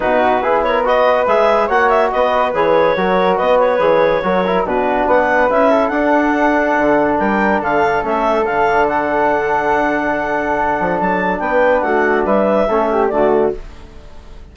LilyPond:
<<
  \new Staff \with { instrumentName = "clarinet" } { \time 4/4 \tempo 4 = 142 b'4. cis''8 dis''4 e''4 | fis''8 e''8 dis''4 cis''2 | dis''8 cis''2~ cis''8 b'4 | fis''4 e''4 fis''2~ |
fis''4 g''4 f''4 e''4 | f''4 fis''2.~ | fis''2 a''4 g''4 | fis''4 e''2 d''4 | }
  \new Staff \with { instrumentName = "flute" } { \time 4/4 fis'4 gis'8 ais'8 b'2 | cis''4 b'2 ais'4 | b'2 ais'4 fis'4 | b'4. a'2~ a'8~ |
a'4 ais'4 a'2~ | a'1~ | a'2. b'4 | fis'4 b'4 a'8 g'8 fis'4 | }
  \new Staff \with { instrumentName = "trombone" } { \time 4/4 dis'4 e'4 fis'4 gis'4 | fis'2 gis'4 fis'4~ | fis'4 gis'4 fis'8 e'8 d'4~ | d'4 e'4 d'2~ |
d'2. cis'4 | d'1~ | d'1~ | d'2 cis'4 a4 | }
  \new Staff \with { instrumentName = "bassoon" } { \time 4/4 b,4 b2 gis4 | ais4 b4 e4 fis4 | b4 e4 fis4 b,4 | b4 cis'4 d'2 |
d4 g4 d4 a4 | d1~ | d4. f8 fis4 b4 | a4 g4 a4 d4 | }
>>